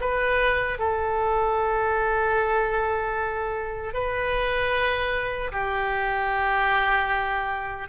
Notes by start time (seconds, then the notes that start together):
0.00 B4
0.79 A4
3.93 B4
5.52 G4